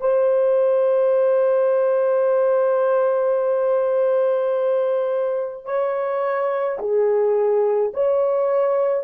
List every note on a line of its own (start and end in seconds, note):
0.00 5.65 C5
5.65 6.78 C#5
6.79 7.92 G#4
7.93 9.04 C#5